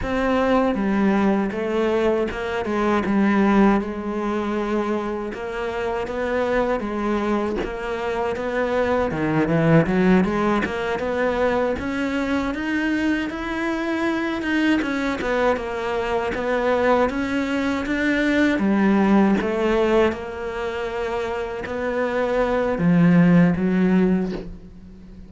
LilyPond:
\new Staff \with { instrumentName = "cello" } { \time 4/4 \tempo 4 = 79 c'4 g4 a4 ais8 gis8 | g4 gis2 ais4 | b4 gis4 ais4 b4 | dis8 e8 fis8 gis8 ais8 b4 cis'8~ |
cis'8 dis'4 e'4. dis'8 cis'8 | b8 ais4 b4 cis'4 d'8~ | d'8 g4 a4 ais4.~ | ais8 b4. f4 fis4 | }